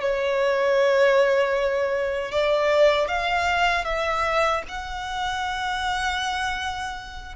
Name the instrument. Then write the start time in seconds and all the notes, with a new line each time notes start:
violin
0.00 C#5
2.31 D5
3.08 F5
3.84 E5
4.68 F#5